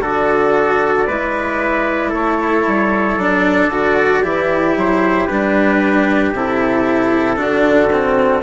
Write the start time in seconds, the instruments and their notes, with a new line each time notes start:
0.00 bassoon D3, cello F#4, trumpet A4 D5
1.07 bassoon G#3, cello E4, trumpet B4
2.09 bassoon A3, trumpet A4 C#5
2.66 bassoon G3
3.16 bassoon F#3, cello D4, trumpet D5
3.68 bassoon D3, cello F#4
4.21 bassoon E3, cello E4, trumpet G4
4.76 bassoon F#3, trumpet C5
5.27 bassoon G3, cello D4, trumpet B4
6.32 bassoon C3, cello E4, trumpet A4
7.36 bassoon D3, cello D4, trumpet F#4
7.92 cello C4